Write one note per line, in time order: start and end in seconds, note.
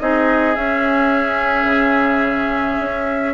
0.00 0.57 C4
0.00 0.56 D#4
0.00 3.34 G#4
0.00 0.56 D#5
0.56 3.34 C#4
0.56 1.65 C#4
0.56 3.34 E5
1.65 2.77 C#3
2.80 3.34 C#4